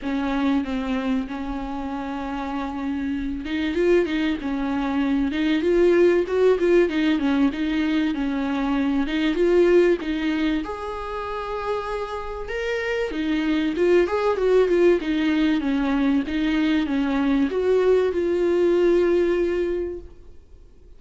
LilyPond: \new Staff \with { instrumentName = "viola" } { \time 4/4 \tempo 4 = 96 cis'4 c'4 cis'2~ | cis'4. dis'8 f'8 dis'8 cis'4~ | cis'8 dis'8 f'4 fis'8 f'8 dis'8 cis'8 | dis'4 cis'4. dis'8 f'4 |
dis'4 gis'2. | ais'4 dis'4 f'8 gis'8 fis'8 f'8 | dis'4 cis'4 dis'4 cis'4 | fis'4 f'2. | }